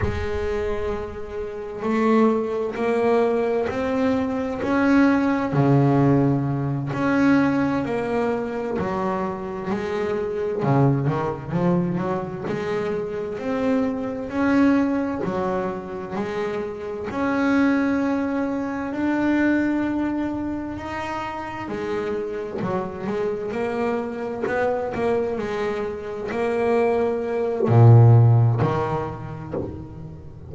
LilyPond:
\new Staff \with { instrumentName = "double bass" } { \time 4/4 \tempo 4 = 65 gis2 a4 ais4 | c'4 cis'4 cis4. cis'8~ | cis'8 ais4 fis4 gis4 cis8 | dis8 f8 fis8 gis4 c'4 cis'8~ |
cis'8 fis4 gis4 cis'4.~ | cis'8 d'2 dis'4 gis8~ | gis8 fis8 gis8 ais4 b8 ais8 gis8~ | gis8 ais4. ais,4 dis4 | }